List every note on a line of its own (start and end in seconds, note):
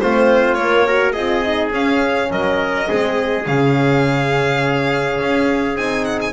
0.00 0.58 A3
0.00 0.58 C4
0.00 0.86 F4
0.00 0.54 C5
0.54 0.86 A#3
0.54 1.15 A#3
0.54 1.12 C#5
0.86 1.15 F#4
0.86 1.13 A#4
1.12 1.72 C4
1.12 1.43 F4
1.12 2.28 G#4
1.12 1.70 D#5
1.43 1.71 D#4
1.71 2.86 C#4
1.71 2.29 C#4
1.71 2.31 F5
2.30 2.88 F#3
2.30 2.88 A#4
2.30 3.46 D#5
2.86 3.46 G#3
2.86 3.44 C4
2.86 6.33 G#4
3.46 5.19 C#3
3.46 5.75 C#4
3.46 5.76 F5
5.20 5.75 C#4
5.75 6.33 C4
5.75 6.33 D#4
5.75 6.04 G#5
6.04 6.19 F#5
6.21 6.33 G#5